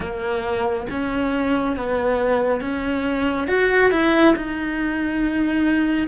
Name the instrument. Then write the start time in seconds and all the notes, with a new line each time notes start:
cello
0.00 A#3
0.90 C#4
1.76 B3
2.60 C#4
3.47 F#4
3.91 E4
4.36 D#4